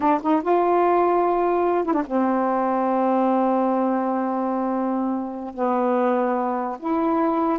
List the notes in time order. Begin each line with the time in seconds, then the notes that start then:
0.00 D4
0.22 D#4
0.42 F4
1.84 E4
1.93 D4
2.06 C4
5.54 B3
6.79 E4